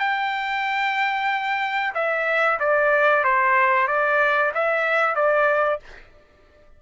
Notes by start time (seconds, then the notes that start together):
0.00 G5
1.94 E5
2.60 D5
3.24 C5
3.88 D5
4.55 E5
5.15 D5